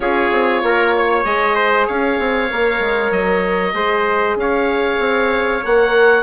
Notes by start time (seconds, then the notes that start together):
0.00 C#4 F4 G#4 C#5
0.31 C4
0.62 A#3 A#4
0.97 C#5
1.24 G#3 G#4 D#5
1.55 C5
1.86 C#4 C#5 F5
2.19 C4
2.50 A#3 A#4
2.79 G#3
3.11 F#3 D#5
3.73 G#3 G#4 C5
4.35 C#4 F5
4.41 C#5
4.99 C4
5.63 A#3 A#4 F#5